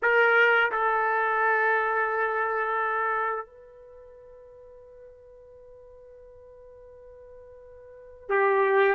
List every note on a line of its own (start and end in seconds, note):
0.02 0.71 A#4
0.71 3.45 A4
3.45 8.28 B4
8.29 8.95 G4